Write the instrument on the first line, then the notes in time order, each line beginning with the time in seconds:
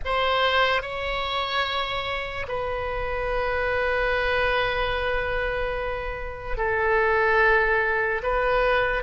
oboe
0.04 C5
0.81 C#5
2.47 B4
6.57 A4
8.22 B4